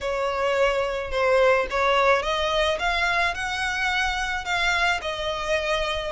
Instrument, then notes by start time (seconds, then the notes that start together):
violin
0.01 C#5
1.11 C5
1.70 C#5
2.22 D#5
2.79 F5
3.34 F#5
4.44 F5
5.01 D#5